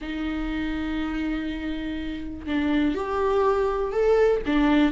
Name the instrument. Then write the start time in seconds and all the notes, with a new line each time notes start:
viola
0.01 D#4
2.46 D4
2.94 G4
3.92 A4
4.46 D4